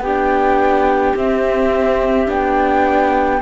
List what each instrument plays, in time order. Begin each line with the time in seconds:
0.00 cello B3, viola D4, clarinet G4, flute G5
1.16 cello C4, viola C4, flute E5
2.27 cello B3, viola D4, flute G5